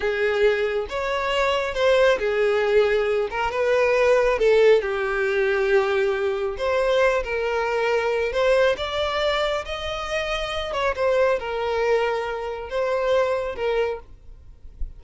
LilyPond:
\new Staff \with { instrumentName = "violin" } { \time 4/4 \tempo 4 = 137 gis'2 cis''2 | c''4 gis'2~ gis'8 ais'8 | b'2 a'4 g'4~ | g'2. c''4~ |
c''8 ais'2~ ais'8 c''4 | d''2 dis''2~ | dis''8 cis''8 c''4 ais'2~ | ais'4 c''2 ais'4 | }